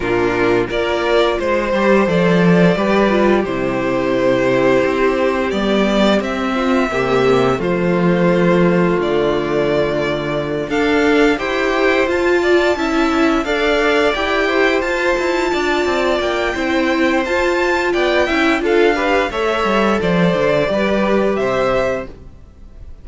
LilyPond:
<<
  \new Staff \with { instrumentName = "violin" } { \time 4/4 \tempo 4 = 87 ais'4 d''4 c''4 d''4~ | d''4 c''2. | d''4 e''2 c''4~ | c''4 d''2~ d''8 f''8~ |
f''8 g''4 a''2 f''8~ | f''8 g''4 a''2 g''8~ | g''4 a''4 g''4 f''4 | e''4 d''2 e''4 | }
  \new Staff \with { instrumentName = "violin" } { \time 4/4 f'4 ais'4 c''2 | b'4 g'2.~ | g'4. f'8 g'4 f'4~ | f'2.~ f'8 a'8~ |
a'8 c''4. d''8 e''4 d''8~ | d''4 c''4. d''4. | c''2 d''8 e''8 a'8 b'8 | cis''4 c''4 b'4 c''4 | }
  \new Staff \with { instrumentName = "viola" } { \time 4/4 d'4 f'4. g'8 a'4 | g'8 f'8 e'2. | b4 c'4 ais4 a4~ | a2.~ a8 d'8~ |
d'8 g'4 f'4 e'4 a'8~ | a'8 g'4 f'2~ f'8 | e'4 f'4. e'8 f'8 g'8 | a'2 g'2 | }
  \new Staff \with { instrumentName = "cello" } { \time 4/4 ais,4 ais4 gis8 g8 f4 | g4 c2 c'4 | g4 c'4 c4 f4~ | f4 d2~ d8 d'8~ |
d'8 e'4 f'4 cis'4 d'8~ | d'8 e'4 f'8 e'8 d'8 c'8 ais8 | c'4 f'4 b8 cis'8 d'4 | a8 g8 f8 d8 g4 c4 | }
>>